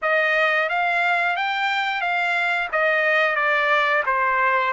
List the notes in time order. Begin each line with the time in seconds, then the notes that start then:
0.02 D#5
0.69 F5
1.36 G5
2.01 F5
2.72 D#5
3.35 D5
4.05 C5